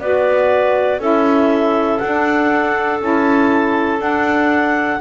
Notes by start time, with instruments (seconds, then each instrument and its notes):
0.00 double bass B3, saxophone F#4, clarinet B4 D5
0.99 double bass C#4, saxophone E4, clarinet A4 E5
1.99 double bass D4, saxophone D4, clarinet F#5
3.00 double bass C#4, saxophone E4, clarinet A5
3.98 saxophone D4, double bass D4, clarinet F#5